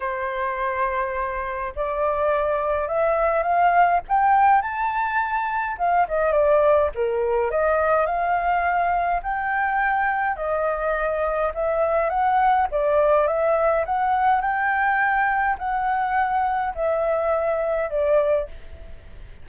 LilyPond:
\new Staff \with { instrumentName = "flute" } { \time 4/4 \tempo 4 = 104 c''2. d''4~ | d''4 e''4 f''4 g''4 | a''2 f''8 dis''8 d''4 | ais'4 dis''4 f''2 |
g''2 dis''2 | e''4 fis''4 d''4 e''4 | fis''4 g''2 fis''4~ | fis''4 e''2 d''4 | }